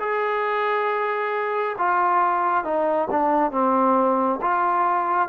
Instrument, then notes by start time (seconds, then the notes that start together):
trombone
0.00 G#4
1.78 F4
2.64 D#4
3.11 D4
3.52 C4
4.42 F4